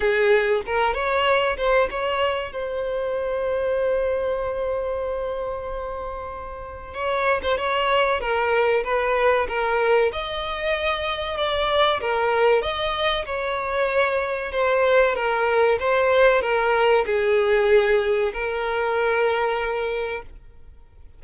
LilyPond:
\new Staff \with { instrumentName = "violin" } { \time 4/4 \tempo 4 = 95 gis'4 ais'8 cis''4 c''8 cis''4 | c''1~ | c''2. cis''8. c''16 | cis''4 ais'4 b'4 ais'4 |
dis''2 d''4 ais'4 | dis''4 cis''2 c''4 | ais'4 c''4 ais'4 gis'4~ | gis'4 ais'2. | }